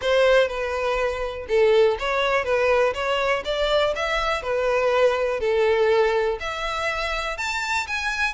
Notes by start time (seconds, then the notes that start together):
0.01 C5
0.48 B4
1.48 A4
1.99 C#5
2.44 B4
2.94 C#5
3.44 D5
3.95 E5
4.42 B4
5.40 A4
6.40 E5
7.37 A5
7.87 G#5